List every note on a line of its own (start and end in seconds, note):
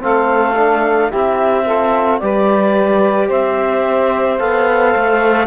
0.00 1.13 A3
0.00 0.55 C4
0.00 1.09 A4
0.00 1.12 F5
0.56 1.10 D4
1.09 2.21 C4
1.09 1.65 E4
1.09 1.64 G4
1.09 2.19 E5
1.66 2.21 F4
1.66 2.20 A4
2.19 3.30 G3
2.19 4.39 G4
2.19 3.28 B4
2.19 3.28 D5
3.28 4.39 C4
3.28 5.46 C5
3.28 4.39 E5
4.39 4.95 B3
4.39 5.47 A4
4.39 5.47 F5
4.96 5.47 A3